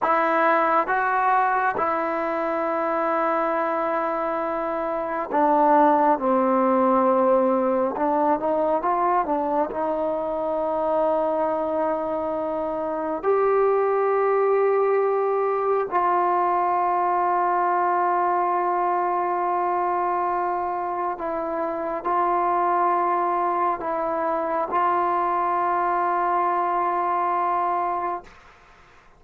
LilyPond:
\new Staff \with { instrumentName = "trombone" } { \time 4/4 \tempo 4 = 68 e'4 fis'4 e'2~ | e'2 d'4 c'4~ | c'4 d'8 dis'8 f'8 d'8 dis'4~ | dis'2. g'4~ |
g'2 f'2~ | f'1 | e'4 f'2 e'4 | f'1 | }